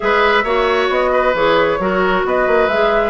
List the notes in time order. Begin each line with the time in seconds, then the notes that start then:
0.00 G#3 G#4 B4 E5
0.44 A#3 F#4 C#5
0.89 B3 D#5
1.12 B4
1.34 E3 G#4 C#5
1.79 F#3 F#4 A#4
2.24 B3 B4 D#5
2.47 A#3
2.68 G#3 G#4 E5